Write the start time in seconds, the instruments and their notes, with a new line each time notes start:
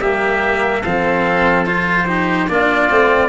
0.00 tuba G3, cello A#3, oboe G4, trumpet E5
0.81 tuba F3, cello C4, oboe A4, trumpet F5
1.66 cello F4, trumpet C5
2.08 cello D#4, oboe G4
2.49 tuba A#3, cello D4, oboe F4, trumpet D5
2.90 tuba A3, cello C4